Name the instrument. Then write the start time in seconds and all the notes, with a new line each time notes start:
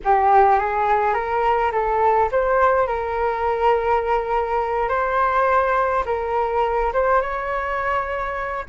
flute
0.04 G4
0.58 G#4
1.14 A#4
1.72 A4
2.31 C5
2.87 A#4
4.88 C5
6.05 A#4
6.93 C5
7.21 C#5